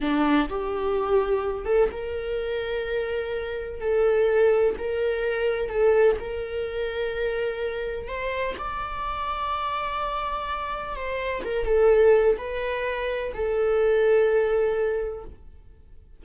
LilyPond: \new Staff \with { instrumentName = "viola" } { \time 4/4 \tempo 4 = 126 d'4 g'2~ g'8 a'8 | ais'1 | a'2 ais'2 | a'4 ais'2.~ |
ais'4 c''4 d''2~ | d''2. c''4 | ais'8 a'4. b'2 | a'1 | }